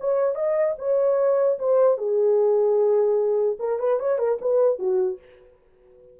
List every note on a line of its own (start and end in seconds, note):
0.00 0.35 C#5
0.35 0.75 D#5
0.78 1.58 C#5
1.59 1.97 C5
1.97 3.58 G#4
3.59 3.79 A#4
3.80 4.00 B4
4.00 4.18 C#5
4.18 4.38 A#4
4.41 4.79 B4
4.79 5.19 F#4